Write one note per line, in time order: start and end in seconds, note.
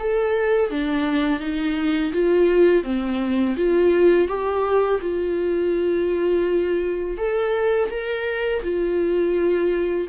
0.00 0.71 A4
0.71 1.40 D4
1.40 2.13 D#4
2.13 2.84 F4
2.84 3.56 C4
3.57 4.28 F4
4.28 5.00 G4
5.01 7.18 F4
7.18 7.90 A4
7.91 8.63 A#4
8.64 10.08 F4